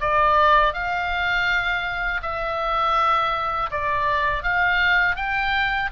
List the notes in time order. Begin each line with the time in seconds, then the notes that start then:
0.00 D5
0.73 F5
2.22 E5
3.70 D5
4.43 F5
5.15 G5